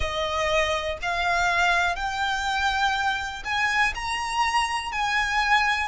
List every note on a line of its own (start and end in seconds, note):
0.00 0.98 D#5
1.01 1.95 F5
1.95 3.43 G5
3.44 3.93 G#5
3.94 4.92 A#5
4.92 5.88 G#5